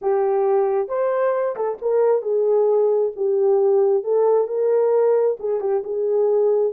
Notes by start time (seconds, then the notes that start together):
0.01 G4
0.88 C5
1.55 A4
1.81 A#4
2.22 G#4
3.15 G4
4.03 A4
4.47 A#4
5.39 G#4
5.60 G4
5.84 G#4